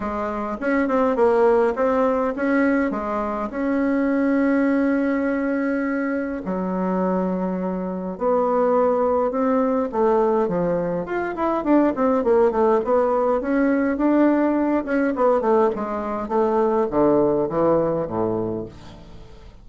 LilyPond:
\new Staff \with { instrumentName = "bassoon" } { \time 4/4 \tempo 4 = 103 gis4 cis'8 c'8 ais4 c'4 | cis'4 gis4 cis'2~ | cis'2. fis4~ | fis2 b2 |
c'4 a4 f4 f'8 e'8 | d'8 c'8 ais8 a8 b4 cis'4 | d'4. cis'8 b8 a8 gis4 | a4 d4 e4 a,4 | }